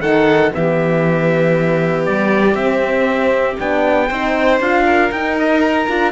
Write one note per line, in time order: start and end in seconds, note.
0.00 0.51 D#3
0.00 0.52 D#4
0.00 0.52 A4
0.00 0.51 F#5
0.52 2.07 E3
0.52 2.56 B3
0.52 4.07 G4
0.52 2.05 E5
2.05 2.54 G3
2.05 2.55 D5
2.54 3.56 C4
2.54 3.58 C4
2.54 3.57 E5
3.59 4.10 B3
3.59 4.10 D4
3.59 4.61 G5
4.07 4.60 C4
4.07 4.61 D#4
4.07 4.83 C5
4.60 5.10 D4
4.60 5.12 F4
4.60 5.12 F5
4.85 6.12 A#4
5.11 5.88 D#4
5.11 5.87 D#4
5.11 5.37 G5
5.38 5.61 D#5
5.61 6.12 A#5
5.87 6.12 D4
5.87 6.12 F4